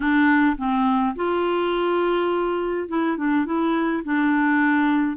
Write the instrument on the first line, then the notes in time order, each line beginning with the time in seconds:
clarinet
0.00 D4
0.57 C4
1.15 F4
2.88 E4
3.17 D4
3.45 E4
4.04 D4